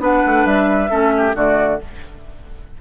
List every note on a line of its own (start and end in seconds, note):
0.00 0.23 B3
0.00 0.89 D4
0.00 0.91 B4
0.00 0.46 F#5
0.27 0.46 A3
0.46 0.91 G3
0.46 1.36 E5
0.89 1.35 A3
0.89 1.34 C#4
0.89 1.13 A4
1.18 1.36 G4
1.35 1.80 D3
1.35 1.80 A3
1.35 1.81 F#4
1.35 1.82 D5